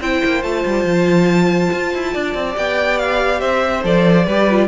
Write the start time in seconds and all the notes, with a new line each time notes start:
0.00 C4 E4 C5 G5
0.25 A#3
0.43 A3 F4 A5
0.65 G3
0.84 F3
1.72 F4
1.94 E4
2.13 D4 D5
2.34 C4
2.53 B3 G4 G5
2.98 F5
3.40 C4 C5 E5
3.83 F3 A4 D5
4.25 G3 G4 B4
4.50 F4